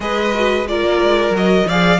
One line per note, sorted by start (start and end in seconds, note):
0.00 0.83 G#3
0.00 0.33 G#4
0.00 0.68 B4
0.00 0.67 D#5
0.33 0.67 F#4
0.67 1.33 F4
0.67 1.66 A#4
0.67 1.34 D5
0.85 1.01 A#3
1.02 1.30 G#3
1.30 1.63 F#3
1.30 1.66 F#4
1.36 1.68 D#5
1.66 2.00 F3
1.66 2.00 G#4
1.66 2.00 D5
1.66 2.00 F5